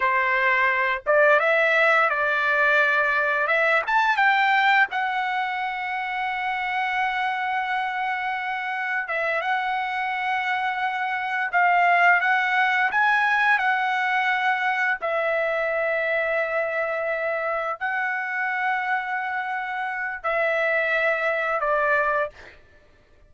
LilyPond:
\new Staff \with { instrumentName = "trumpet" } { \time 4/4 \tempo 4 = 86 c''4. d''8 e''4 d''4~ | d''4 e''8 a''8 g''4 fis''4~ | fis''1~ | fis''4 e''8 fis''2~ fis''8~ |
fis''8 f''4 fis''4 gis''4 fis''8~ | fis''4. e''2~ e''8~ | e''4. fis''2~ fis''8~ | fis''4 e''2 d''4 | }